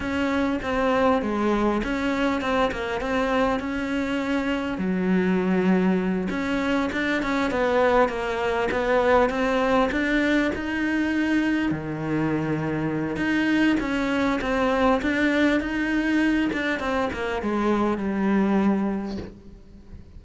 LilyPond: \new Staff \with { instrumentName = "cello" } { \time 4/4 \tempo 4 = 100 cis'4 c'4 gis4 cis'4 | c'8 ais8 c'4 cis'2 | fis2~ fis8 cis'4 d'8 | cis'8 b4 ais4 b4 c'8~ |
c'8 d'4 dis'2 dis8~ | dis2 dis'4 cis'4 | c'4 d'4 dis'4. d'8 | c'8 ais8 gis4 g2 | }